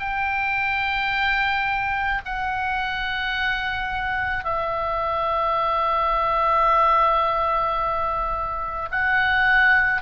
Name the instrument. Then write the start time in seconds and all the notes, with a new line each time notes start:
oboe
0.00 G5
2.26 F#5
4.45 E5
8.92 F#5